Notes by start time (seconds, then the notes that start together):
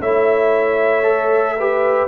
0.00 A3 E4 C#5 E5
1.03 A4
1.58 G4 B4